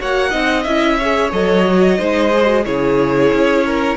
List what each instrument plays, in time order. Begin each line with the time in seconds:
0.00 cello A#3, viola F#4, violin C#5 F#5
0.31 cello C4, viola D#4, violin D#5
0.63 cello C#4, viola E4, violin E5
0.99 viola G#4, violin C#5
1.32 cello F#3, viola A4, violin D#5
1.66 viola F#4
1.98 cello G#3, viola D#4, violin C5
2.32 viola G#4
2.46 viola F#4
2.65 cello C#3, viola E4, violin G#4 C#5
3.33 cello C#4
3.66 violin A#4